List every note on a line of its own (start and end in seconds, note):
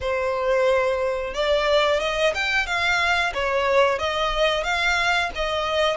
0.00 1.34 C5
1.34 2.00 D5
2.00 2.33 D#5
2.34 2.66 G5
2.66 3.32 F5
3.34 3.98 C#5
3.98 4.63 D#5
4.63 5.30 F5
5.35 5.97 D#5